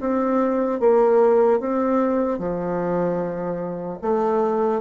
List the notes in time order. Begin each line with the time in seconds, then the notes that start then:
0.00 C4
0.80 A#3
1.60 C4
2.38 F3
4.02 A3